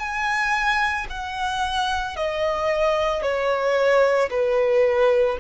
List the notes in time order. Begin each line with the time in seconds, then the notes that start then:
0.00 G#5
1.10 F#5
2.17 D#5
3.23 C#5
4.31 B4